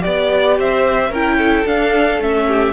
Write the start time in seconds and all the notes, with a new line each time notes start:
0.00 B3 G4 D5
0.58 C4 C5 E5
1.09 C#4 E4 A#4 G5
1.38 A4
1.66 D4 F5
2.19 A3 C#4 E5
2.47 G4